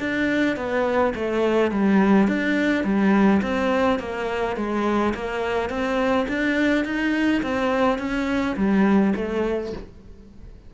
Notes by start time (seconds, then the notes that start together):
0.00 D4
0.57 B3
1.15 A3
1.72 G3
2.28 D4
2.84 G3
3.43 C4
4.00 A#3
4.57 G#3
5.15 A#3
5.70 C4
6.29 D4
6.85 D#4
7.43 C4
7.99 C#4
8.57 G3
9.16 A3